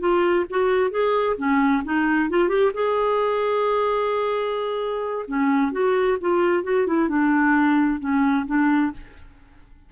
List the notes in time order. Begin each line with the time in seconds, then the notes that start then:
0.00 F4
0.50 F#4
0.91 G#4
1.37 C#4
1.84 D#4
2.30 F4
2.49 G4
2.74 G#4
5.28 C#4
5.72 F#4
6.21 F4
6.64 F#4
6.87 E4
7.09 D4
8.00 C#4
8.47 D4